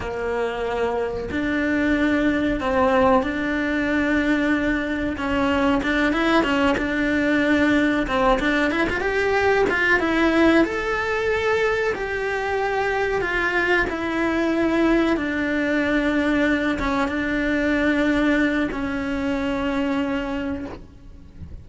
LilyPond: \new Staff \with { instrumentName = "cello" } { \time 4/4 \tempo 4 = 93 ais2 d'2 | c'4 d'2. | cis'4 d'8 e'8 cis'8 d'4.~ | d'8 c'8 d'8 e'16 f'16 g'4 f'8 e'8~ |
e'8 a'2 g'4.~ | g'8 f'4 e'2 d'8~ | d'2 cis'8 d'4.~ | d'4 cis'2. | }